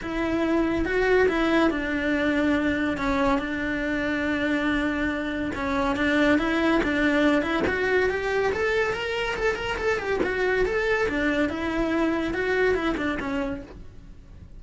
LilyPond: \new Staff \with { instrumentName = "cello" } { \time 4/4 \tempo 4 = 141 e'2 fis'4 e'4 | d'2. cis'4 | d'1~ | d'4 cis'4 d'4 e'4 |
d'4. e'8 fis'4 g'4 | a'4 ais'4 a'8 ais'8 a'8 g'8 | fis'4 a'4 d'4 e'4~ | e'4 fis'4 e'8 d'8 cis'4 | }